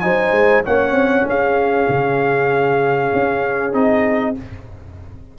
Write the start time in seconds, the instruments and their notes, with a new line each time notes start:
0.00 tuba F#3, trombone D#4, horn C5, trumpet G#5
0.32 tuba G#3
0.64 tuba A#3, trombone C#4, horn C#5, trumpet F#5
0.92 tuba C4
1.26 tuba C#4, horn G#4, trumpet F5
1.89 tuba C#3
3.13 tuba C#4
3.73 tuba C4, trombone D#4, trumpet D#5